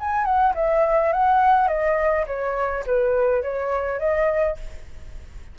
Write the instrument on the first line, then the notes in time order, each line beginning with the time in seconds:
flute
0.00 G#5
0.25 F#5
0.55 E5
1.13 F#5
1.68 D#5
2.27 C#5
2.86 B4
3.43 C#5
4.00 D#5